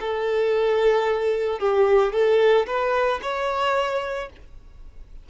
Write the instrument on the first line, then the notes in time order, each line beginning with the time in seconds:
violin
0.00 A4
1.60 G4
2.13 A4
2.67 B4
3.22 C#5